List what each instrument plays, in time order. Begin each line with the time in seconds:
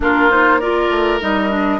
0.00 bassoon A#3, clarinet D4, oboe F4, flute A#4
0.30 clarinet D#4, flute C5
0.59 clarinet F4, oboe A#4, flute D5
0.90 bassoon A3
1.20 bassoon G3, clarinet D#4, flute D#5
1.49 clarinet D4